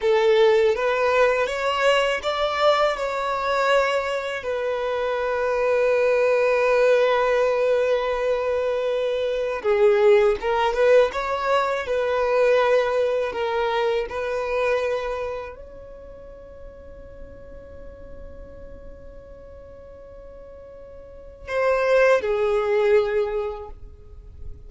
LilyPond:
\new Staff \with { instrumentName = "violin" } { \time 4/4 \tempo 4 = 81 a'4 b'4 cis''4 d''4 | cis''2 b'2~ | b'1~ | b'4 gis'4 ais'8 b'8 cis''4 |
b'2 ais'4 b'4~ | b'4 cis''2.~ | cis''1~ | cis''4 c''4 gis'2 | }